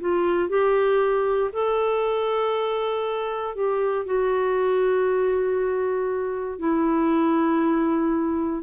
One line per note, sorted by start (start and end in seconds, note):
0.00 0.49 F4
0.49 1.50 G4
1.53 3.55 A4
3.55 4.05 G4
4.05 6.59 F#4
6.59 8.62 E4